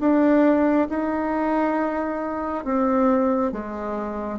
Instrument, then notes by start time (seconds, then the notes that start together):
bassoon
0.00 D4
0.89 D#4
2.65 C4
3.52 G#3